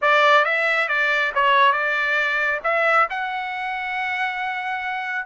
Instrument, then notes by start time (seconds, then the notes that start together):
trumpet
0.01 D5
0.44 E5
0.88 D5
1.34 C#5
1.72 D5
2.63 E5
3.10 F#5